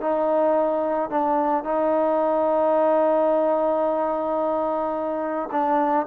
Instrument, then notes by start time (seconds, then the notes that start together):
trombone
0.00 D#4
1.10 D4
1.64 D#4
5.51 D4